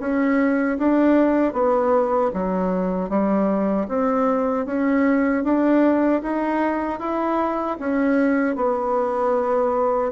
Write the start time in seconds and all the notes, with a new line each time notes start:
0.00 C#4
0.78 D4
1.53 B3
2.34 F#3
3.09 G3
3.88 C4
4.66 C#4
5.44 D4
6.22 D#4
7.00 E4
7.79 C#4
8.56 B3